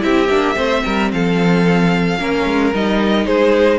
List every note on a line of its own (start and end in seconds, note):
0.00 0.29 C4
0.00 0.27 E4
0.00 0.56 G4
0.00 1.11 E5
0.29 0.56 A#3
0.29 0.55 D4
0.55 0.84 A3
0.55 2.17 C4
0.55 0.83 C5
0.85 1.13 G3
0.85 1.12 A#4
1.12 2.20 F3
1.12 2.19 A4
1.12 2.74 F5
2.19 2.46 A#3
2.19 2.73 C#4
2.19 3.26 A#4
2.46 2.73 G#3
2.74 3.27 G3
2.74 3.79 D#4
2.74 3.26 D#5
3.26 3.79 G#3
3.26 3.79 G#4
3.26 3.79 C5